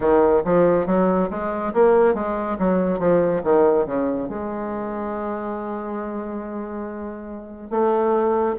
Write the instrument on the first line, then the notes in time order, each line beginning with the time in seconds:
bassoon
0.00 D#3
0.44 F3
0.86 F#3
1.30 G#3
1.73 A#3
2.14 G#3
2.58 F#3
2.99 F3
3.43 D#3
3.86 C#3
4.29 G#3
7.70 A3